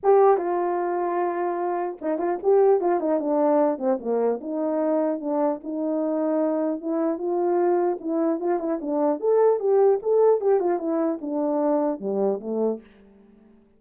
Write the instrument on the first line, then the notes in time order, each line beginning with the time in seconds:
horn
0.03 G4
0.37 F4
2.01 D#4
2.18 F4
2.43 G4
2.81 F4
3.00 D#4
3.20 D4
3.78 C4
4.00 A#3
4.40 D#4
5.20 D4
5.63 D#4
6.81 E4
7.18 F4
8.00 E4
8.39 F4
8.59 E4
8.81 D4
9.20 A4
9.59 G4
10.02 A4
10.40 G4
10.59 F4
10.78 E4
11.21 D4
11.99 G3
12.40 A3